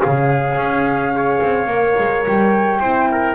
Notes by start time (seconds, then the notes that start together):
0.00 C#3 C#4 G#4 F5
0.56 C#4
1.11 G#4 C#5
1.41 C4
1.66 A#3 A#4
1.98 G#3
2.27 G3 G5
2.80 C4 E4 C5
3.11 A#4